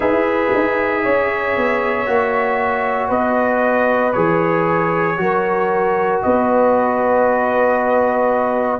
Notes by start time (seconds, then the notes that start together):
0.00 E4 G#4 B4 E5
0.54 D#4
1.03 C#4 C#5
1.56 B3
2.06 A#3 F#4
3.08 B3 B4 D#5
4.12 E3 G#4 C#5
5.17 F#3 F#4 A#4
6.22 B3 B4 D#5